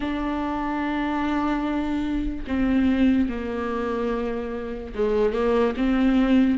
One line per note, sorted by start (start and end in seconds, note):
0.00 2.45 D4
2.47 3.29 C4
3.29 4.93 A#3
4.94 5.33 G#3
5.33 5.74 A#3
5.76 6.58 C4